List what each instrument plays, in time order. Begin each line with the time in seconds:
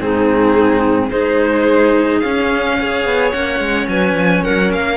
0.00 cello G#2 C4, clarinet D#4, violin G#4
1.10 cello G#3 D#4, clarinet G#4, violin C5
2.20 cello C#4, violin F5
2.81 cello G#4, clarinet C#5
3.05 cello B3
3.32 cello A#3 C#4, violin F#5
3.59 cello G#3
3.87 cello F#3, clarinet B4, violin G#5
4.14 cello F3
4.44 cello F#3, clarinet A#4, violin F#5
4.73 cello A#3, violin F5